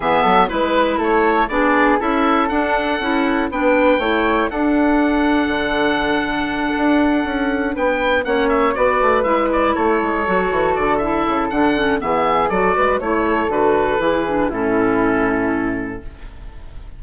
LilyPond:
<<
  \new Staff \with { instrumentName = "oboe" } { \time 4/4 \tempo 4 = 120 e''4 b'4 cis''4 d''4 | e''4 fis''2 g''4~ | g''4 fis''2.~ | fis''2.~ fis''8 g''8~ |
g''8 fis''8 e''8 d''4 e''8 d''8 cis''8~ | cis''4. d''8 e''4 fis''4 | e''4 d''4 cis''4 b'4~ | b'4 a'2. | }
  \new Staff \with { instrumentName = "flute" } { \time 4/4 gis'8 a'8 b'4 a'4 gis'4 | a'2. b'4 | cis''4 a'2.~ | a'2.~ a'8 b'8~ |
b'8 cis''4 b'2 a'8~ | a'1 | gis'4 a'8 b'8 cis''8 a'4. | gis'4 e'2. | }
  \new Staff \with { instrumentName = "clarinet" } { \time 4/4 b4 e'2 d'4 | e'4 d'4 e'4 d'4 | e'4 d'2.~ | d'1~ |
d'8 cis'4 fis'4 e'4.~ | e'8 fis'4. e'4 d'8 cis'8 | b4 fis'4 e'4 fis'4 | e'8 d'8 cis'2. | }
  \new Staff \with { instrumentName = "bassoon" } { \time 4/4 e8 fis8 gis4 a4 b4 | cis'4 d'4 cis'4 b4 | a4 d'2 d4~ | d4. d'4 cis'4 b8~ |
b8 ais4 b8 a8 gis4 a8 | gis8 fis8 e8 d4 cis8 d4 | e4 fis8 gis8 a4 d4 | e4 a,2. | }
>>